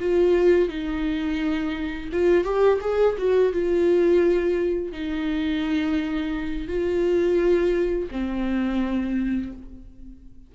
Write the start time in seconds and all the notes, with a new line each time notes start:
0.00 F4
0.69 D#4
2.13 F4
2.44 G4
2.82 G#4
3.18 F#4
3.53 F4
4.93 D#4
6.68 F4
8.11 C4